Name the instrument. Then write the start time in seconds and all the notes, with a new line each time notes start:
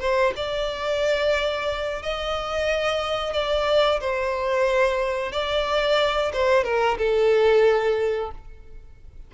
violin
0.00 C5
0.36 D5
2.02 D#5
3.33 D5
4.01 C5
5.32 D5
6.33 C5
6.64 A#4
6.98 A4